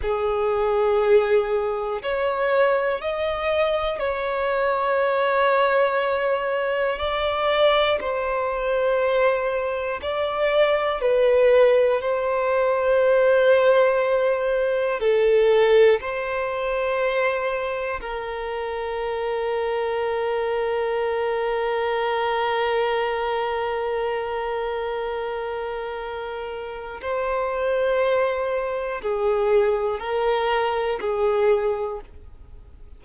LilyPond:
\new Staff \with { instrumentName = "violin" } { \time 4/4 \tempo 4 = 60 gis'2 cis''4 dis''4 | cis''2. d''4 | c''2 d''4 b'4 | c''2. a'4 |
c''2 ais'2~ | ais'1~ | ais'2. c''4~ | c''4 gis'4 ais'4 gis'4 | }